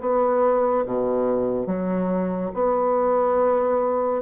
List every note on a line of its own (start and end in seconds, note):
0.00 0.85 B3
0.85 1.66 B2
1.66 2.51 F#3
2.54 4.22 B3